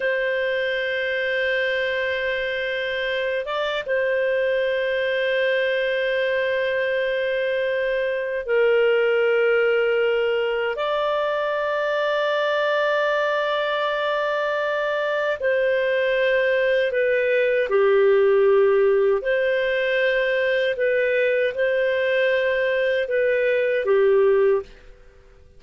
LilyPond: \new Staff \with { instrumentName = "clarinet" } { \time 4/4 \tempo 4 = 78 c''1~ | c''8 d''8 c''2.~ | c''2. ais'4~ | ais'2 d''2~ |
d''1 | c''2 b'4 g'4~ | g'4 c''2 b'4 | c''2 b'4 g'4 | }